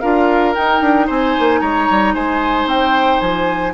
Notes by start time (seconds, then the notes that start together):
0.00 D4 F4 A#4 F5
0.54 D#4 G5
0.80 D4
1.06 C4 C5 G#5
1.38 A#3
1.60 G#3 C#5 A#5
1.90 G3
2.14 G#3 C5 G#5
2.65 C4 G5
3.20 F3 G#5